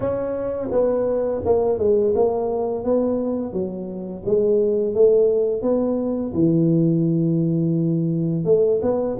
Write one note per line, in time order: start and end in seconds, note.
0.00 0.70 C#4
0.71 1.41 B3
1.45 1.78 A#3
1.78 2.13 G#3
2.15 2.84 A#3
2.84 3.52 B3
3.52 4.23 F#3
4.25 4.94 G#3
4.94 5.62 A3
5.62 6.32 B3
6.33 8.44 E3
8.44 8.80 A3
8.81 9.17 B3